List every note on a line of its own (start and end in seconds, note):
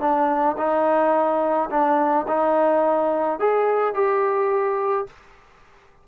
0.00 0.56 D4
0.57 1.69 D#4
1.70 2.26 D4
2.28 3.39 D#4
3.39 3.94 G#4
3.94 5.06 G4